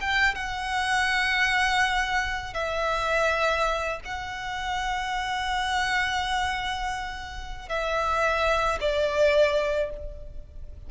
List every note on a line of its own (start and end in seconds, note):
0.00 0.35 G5
0.35 2.53 F#5
2.53 4.00 E5
4.04 7.69 F#5
7.69 8.79 E5
8.80 9.90 D5